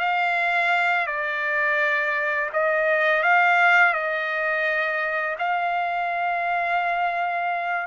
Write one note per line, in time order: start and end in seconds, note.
0.00 1.07 F5
1.07 2.50 D5
2.54 3.23 D#5
3.23 3.94 F5
3.94 5.37 D#5
5.39 7.87 F5